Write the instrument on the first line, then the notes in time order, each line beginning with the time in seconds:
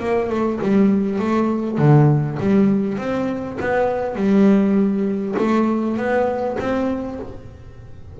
double bass
0.00 A#3
0.30 A3
0.62 G3
1.19 A3
1.78 D3
2.40 G3
2.98 C4
3.61 B3
4.15 G3
5.39 A3
5.98 B3
6.60 C4